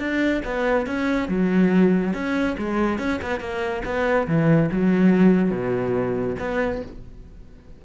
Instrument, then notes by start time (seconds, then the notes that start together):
cello
0.00 D4
0.45 B3
0.87 C#4
1.29 F#3
2.14 C#4
2.58 G#3
2.99 C#4
3.22 B3
3.40 A#3
3.85 B3
4.28 E3
4.72 F#3
5.51 B2
6.40 B3